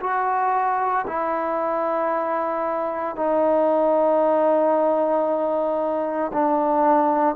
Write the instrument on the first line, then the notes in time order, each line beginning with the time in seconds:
trombone
0.00 F#4
1.07 E4
3.16 D#4
6.33 D4